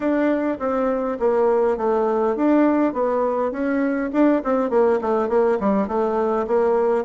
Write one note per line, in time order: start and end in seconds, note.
0.00 0.58 D4
0.59 1.18 C4
1.19 1.77 A#3
1.77 2.36 A3
2.36 2.93 D4
2.93 3.51 B3
3.51 4.10 C#4
4.12 4.42 D4
4.44 4.70 C4
4.70 4.99 A#3
5.01 5.29 A3
5.29 5.58 A#3
5.59 5.87 G3
5.87 6.46 A3
6.47 7.04 A#3